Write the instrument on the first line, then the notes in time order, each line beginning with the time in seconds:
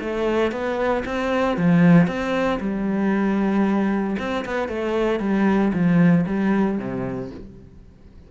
cello
0.00 A3
0.52 B3
1.05 C4
1.57 F3
2.07 C4
2.60 G3
4.19 C4
4.45 B3
4.69 A3
5.20 G3
5.73 F3
6.26 G3
6.78 C3